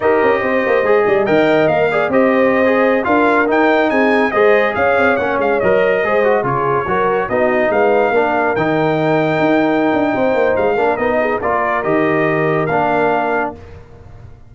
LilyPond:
<<
  \new Staff \with { instrumentName = "trumpet" } { \time 4/4 \tempo 4 = 142 dis''2. g''4 | f''4 dis''2~ dis''16 f''8.~ | f''16 g''4 gis''4 dis''4 f''8.~ | f''16 fis''8 f''8 dis''2 cis''8.~ |
cis''4~ cis''16 dis''4 f''4.~ f''16~ | f''16 g''2.~ g''8.~ | g''4 f''4 dis''4 d''4 | dis''2 f''2 | }
  \new Staff \with { instrumentName = "horn" } { \time 4/4 ais'4 c''4. d''8 dis''4~ | dis''8 d''8 c''2~ c''16 ais'8.~ | ais'4~ ais'16 gis'4 c''4 cis''8.~ | cis''2~ cis''16 c''4 gis'8.~ |
gis'16 ais'4 fis'4 b'4 ais'8.~ | ais'1 | c''4. ais'4 gis'8 ais'4~ | ais'1 | }
  \new Staff \with { instrumentName = "trombone" } { \time 4/4 g'2 gis'4 ais'4~ | ais'8 gis'8 g'4~ g'16 gis'4 f'8.~ | f'16 dis'2 gis'4.~ gis'16~ | gis'16 cis'4 ais'4 gis'8 fis'8 f'8.~ |
f'16 fis'4 dis'2 d'8.~ | d'16 dis'2.~ dis'8.~ | dis'4. d'8 dis'4 f'4 | g'2 d'2 | }
  \new Staff \with { instrumentName = "tuba" } { \time 4/4 dis'8 cis'8 c'8 ais8 gis8 g8 dis4 | ais4 c'2~ c'16 d'8.~ | d'16 dis'4 c'4 gis4 cis'8 c'16~ | c'16 ais8 gis8 fis4 gis4 cis8.~ |
cis16 fis4 b4 gis4 ais8.~ | ais16 dis2 dis'4~ dis'16 d'8 | c'8 ais8 gis8 ais8 b4 ais4 | dis2 ais2 | }
>>